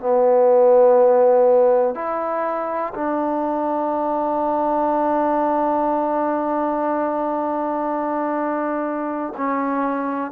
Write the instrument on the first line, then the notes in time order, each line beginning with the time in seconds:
trombone
0.00 B3
1.95 E4
2.95 D4
9.38 C#4